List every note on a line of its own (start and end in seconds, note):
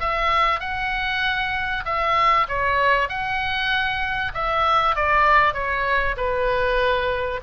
0.00 0.60 E5
0.60 1.84 F#5
1.85 2.47 E5
2.48 3.09 C#5
3.09 4.32 F#5
4.34 4.96 E5
4.96 5.54 D5
5.54 6.15 C#5
6.17 7.40 B4